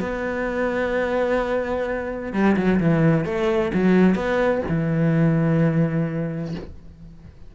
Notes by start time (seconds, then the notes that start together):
0.00 B3
2.33 G3
2.56 F#3
2.80 E3
3.25 A3
3.74 F#3
4.15 B3
4.69 E3